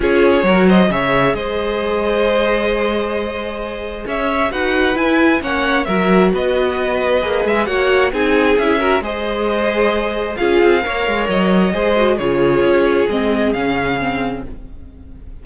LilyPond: <<
  \new Staff \with { instrumentName = "violin" } { \time 4/4 \tempo 4 = 133 cis''4. dis''8 e''4 dis''4~ | dis''1~ | dis''4 e''4 fis''4 gis''4 | fis''4 e''4 dis''2~ |
dis''8 e''8 fis''4 gis''4 e''4 | dis''2. f''4~ | f''4 dis''2 cis''4~ | cis''4 dis''4 f''2 | }
  \new Staff \with { instrumentName = "violin" } { \time 4/4 gis'4 ais'8 c''8 cis''4 c''4~ | c''1~ | c''4 cis''4 b'2 | cis''4 ais'4 b'2~ |
b'4 cis''4 gis'4. ais'8 | c''2. gis'4 | cis''2 c''4 gis'4~ | gis'1 | }
  \new Staff \with { instrumentName = "viola" } { \time 4/4 f'4 fis'4 gis'2~ | gis'1~ | gis'2 fis'4 e'4 | cis'4 fis'2. |
gis'4 fis'4 dis'4 e'8 fis'8 | gis'2. f'4 | ais'2 gis'8 fis'8 f'4~ | f'4 c'4 cis'4 c'4 | }
  \new Staff \with { instrumentName = "cello" } { \time 4/4 cis'4 fis4 cis4 gis4~ | gis1~ | gis4 cis'4 dis'4 e'4 | ais4 fis4 b2 |
ais8 gis8 ais4 c'4 cis'4 | gis2. cis'8 c'8 | ais8 gis8 fis4 gis4 cis4 | cis'4 gis4 cis2 | }
>>